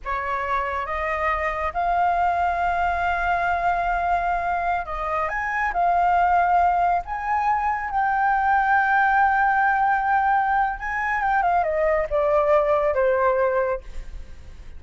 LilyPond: \new Staff \with { instrumentName = "flute" } { \time 4/4 \tempo 4 = 139 cis''2 dis''2 | f''1~ | f''2.~ f''16 dis''8.~ | dis''16 gis''4 f''2~ f''8.~ |
f''16 gis''2 g''4.~ g''16~ | g''1~ | g''4 gis''4 g''8 f''8 dis''4 | d''2 c''2 | }